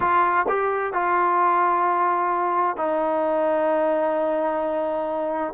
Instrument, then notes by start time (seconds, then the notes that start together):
trombone
0.00 F4
0.48 G4
0.93 F4
2.76 D#4